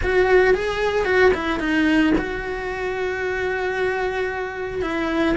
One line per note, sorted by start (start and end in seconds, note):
0.03 0.54 F#4
0.54 1.05 G#4
1.05 1.31 F#4
1.34 1.59 E4
1.59 2.13 D#4
2.17 4.82 F#4
4.82 5.35 E4